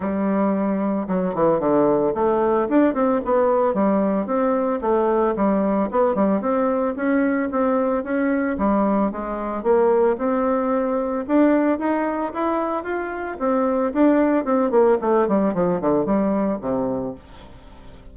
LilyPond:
\new Staff \with { instrumentName = "bassoon" } { \time 4/4 \tempo 4 = 112 g2 fis8 e8 d4 | a4 d'8 c'8 b4 g4 | c'4 a4 g4 b8 g8 | c'4 cis'4 c'4 cis'4 |
g4 gis4 ais4 c'4~ | c'4 d'4 dis'4 e'4 | f'4 c'4 d'4 c'8 ais8 | a8 g8 f8 d8 g4 c4 | }